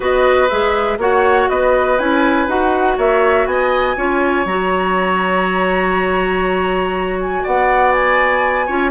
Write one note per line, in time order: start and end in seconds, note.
0.00 0.49 B3
0.00 0.48 F#4
0.00 0.98 B4
0.00 0.49 D#5
0.49 0.97 G#3
0.49 0.99 G#4
0.49 0.98 E5
0.97 1.47 A#3
0.97 1.98 F#4
0.97 1.49 C#5
0.97 1.49 F#5
1.49 1.99 B3
1.49 2.97 B4
1.49 1.98 D#5
1.98 2.47 C#4
1.98 2.47 E4
1.98 2.48 G#5
2.47 2.97 D#4
2.47 3.96 F#4
2.47 2.98 F#5
2.97 3.45 A#3
2.97 3.46 C#5
2.97 3.46 E5
3.45 3.95 B3
3.45 3.96 D#5
3.45 4.46 G#5
3.96 4.45 C#4
3.96 4.45 F4
3.96 7.43 C#5
4.45 7.42 F#3
4.45 8.69 F#4
4.45 7.19 A#5
7.20 7.45 G#5
7.43 8.68 B3
7.43 8.66 D5
7.43 7.92 F#5
7.92 8.91 G#5
8.66 8.91 C#4
8.66 8.91 F4
8.66 8.91 C#5